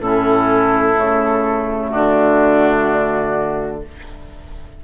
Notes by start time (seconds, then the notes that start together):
0.00 A2 C#4 E4 A4
0.95 C#3 A3
1.88 D3 D4 F#4